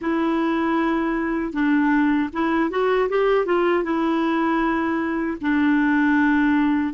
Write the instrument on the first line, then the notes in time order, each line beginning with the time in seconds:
clarinet
0.01 E4
1.52 D4
2.33 E4
2.70 F#4
3.09 G4
3.45 F4
3.83 E4
5.41 D4